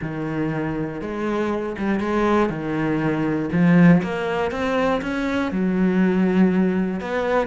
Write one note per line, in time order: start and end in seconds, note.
0.01 1.01 D#3
1.01 1.76 G#3
1.77 2.00 G3
2.00 2.49 G#3
2.49 3.49 D#3
3.51 4.01 F3
4.02 4.51 A#3
4.51 5.01 C4
5.01 5.51 C#4
5.51 7.00 F#3
7.00 7.47 B3